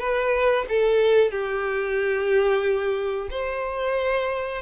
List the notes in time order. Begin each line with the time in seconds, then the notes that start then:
0.00 B4
0.69 A4
1.32 G4
3.31 C5